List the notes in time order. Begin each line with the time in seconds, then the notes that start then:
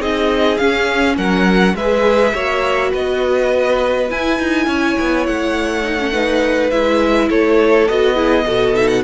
0.00 C4 D#4 G#4 D#5
0.58 C#4 F5
1.17 F#3 A#4 F#5
1.75 G#3 G#4 B4 E5
2.34 A#3 F#4 C#5
2.91 B3 B4 D#5
4.10 E4 G#5
4.39 D#4
4.67 C#4 C#5
5.00 B3
5.27 A3 F#5
5.84 D#4
6.00 C#4
6.13 D#4 B4
6.71 G#3 E4 E5
7.30 A3 A4 C#5
7.89 B3 F#4 D#5
8.16 E4 G#4
8.47 B2 F#4 A4
8.76 D#4 E5
8.88 F#5